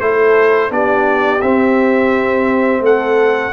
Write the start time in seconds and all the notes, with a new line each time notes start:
0.00 A3 E4 A4 C5
0.70 B3 D4 G4 D5
1.41 C4 E5
2.80 A3 A4 F#5